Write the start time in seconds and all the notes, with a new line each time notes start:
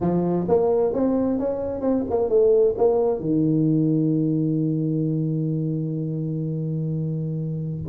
0.01 F3
0.48 A#3
0.93 C4
1.39 C#4
1.81 C4
2.10 A#3
2.29 A3
2.77 A#3
3.20 D#3